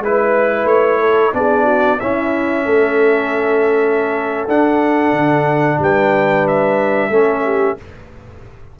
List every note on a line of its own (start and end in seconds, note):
0.00 0.65 G#3
0.00 1.34 E4
0.00 1.01 B4
0.00 0.68 B4
0.65 1.31 A3
0.65 1.34 C#5
1.01 1.34 A4
1.34 2.00 B3
1.34 1.99 D4
1.34 1.65 G#4
1.34 2.00 D5
1.65 1.98 F#4
2.00 4.49 C#4
2.00 2.66 C#4
2.00 2.66 E4
2.00 4.48 E5
2.66 4.48 A3
2.66 5.79 A4
4.48 5.13 D4
4.48 7.12 D4
4.48 5.81 F#5
5.13 5.79 D3
5.79 7.10 G3
5.79 7.11 B4
5.79 6.48 G5
6.48 7.80 E5
7.10 7.76 A3
7.10 7.78 C#4
7.10 7.44 A4
7.44 7.77 G4